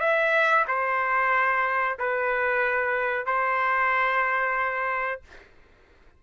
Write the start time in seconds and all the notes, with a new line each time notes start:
0.00 E5
0.67 C5
1.98 B4
3.25 C5